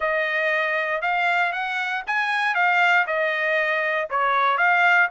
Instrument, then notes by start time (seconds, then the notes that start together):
trumpet
0.00 D#5
1.01 F5
1.52 F#5
2.07 G#5
2.54 F5
3.06 D#5
4.10 C#5
4.57 F5